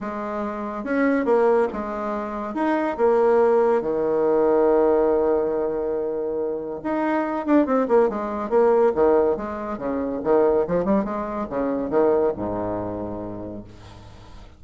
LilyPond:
\new Staff \with { instrumentName = "bassoon" } { \time 4/4 \tempo 4 = 141 gis2 cis'4 ais4 | gis2 dis'4 ais4~ | ais4 dis2.~ | dis1 |
dis'4. d'8 c'8 ais8 gis4 | ais4 dis4 gis4 cis4 | dis4 f8 g8 gis4 cis4 | dis4 gis,2. | }